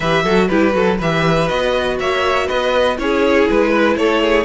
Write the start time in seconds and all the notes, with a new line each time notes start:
0.00 E3 G4 B4 E5
0.23 F#3 F#4 A4
0.48 G3 E4 G4 B4
0.72 F#3 F#4 A4
0.98 E3 G4 B4 E5
1.48 B3 F#4 D#5
1.99 A#3 C#5 E5
2.46 B3 B4 D#5
2.97 C#4 E4 G#4 C#5
3.49 G#3 B4
3.70 B4
3.96 A3 A4 C#5
4.22 G#4